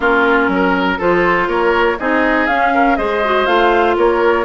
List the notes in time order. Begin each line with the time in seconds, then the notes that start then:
0.00 A#3 C#4 F4 A#4
0.48 F#3 A#4
0.98 F3 F4 A4 C5
1.47 A#3 A#4 C#5
1.99 C4 D#4 G#4 D#5
2.46 C#4 F5
2.74 A#4
2.96 G#3 G#4 C5 D#5
3.24 F#4
3.46 A3 F4 F5
3.96 A#3 A#4 C#5